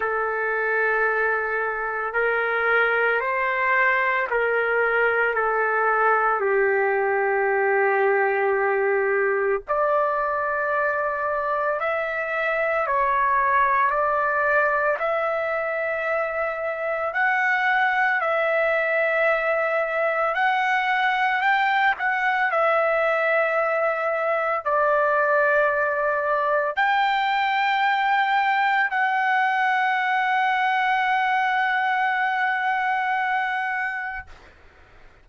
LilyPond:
\new Staff \with { instrumentName = "trumpet" } { \time 4/4 \tempo 4 = 56 a'2 ais'4 c''4 | ais'4 a'4 g'2~ | g'4 d''2 e''4 | cis''4 d''4 e''2 |
fis''4 e''2 fis''4 | g''8 fis''8 e''2 d''4~ | d''4 g''2 fis''4~ | fis''1 | }